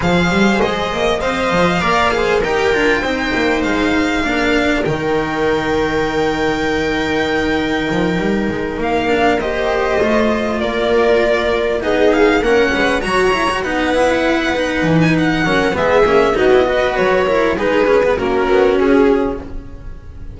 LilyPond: <<
  \new Staff \with { instrumentName = "violin" } { \time 4/4 \tempo 4 = 99 f''4 dis''4 f''2 | g''2 f''2 | g''1~ | g''2~ g''8 f''4 dis''8~ |
dis''4. d''2 dis''8 | f''8 fis''4 ais''4 fis''4.~ | fis''8. gis''16 fis''4 e''4 dis''4 | cis''4 b'4 ais'4 gis'4 | }
  \new Staff \with { instrumentName = "viola" } { \time 4/4 c''2 dis''4 d''8 c''8 | ais'4 c''2 ais'4~ | ais'1~ | ais'2.~ ais'8 c''8~ |
c''4. ais'2 gis'8~ | gis'8 ais'8 b'8 cis''4 b'4.~ | b'4. ais'8 gis'4 fis'8 b'8~ | b'8 ais'8 gis'4 fis'2 | }
  \new Staff \with { instrumentName = "cello" } { \time 4/4 gis'2 c''4 ais'8 gis'8 | g'8 f'8 dis'2 d'4 | dis'1~ | dis'2. d'8 g'8~ |
g'8 f'2. dis'8~ | dis'8 cis'4 fis'8 e'16 fis'16 dis'8 e'4 | dis'4. cis'8 b8 cis'8 dis'16 e'16 fis'8~ | fis'8 e'8 dis'8 cis'16 b16 cis'2 | }
  \new Staff \with { instrumentName = "double bass" } { \time 4/4 f8 g8 gis8 ais8 c'8 f8 ais4 | dis'8 d'8 c'8 ais8 gis4 ais4 | dis1~ | dis4 f8 g8 gis8 ais4.~ |
ais8 a4 ais2 b8~ | b8 ais8 gis8 fis4 b4.~ | b8 e4 fis8 gis8 ais8 b4 | fis4 gis4 ais8 b8 cis'4 | }
>>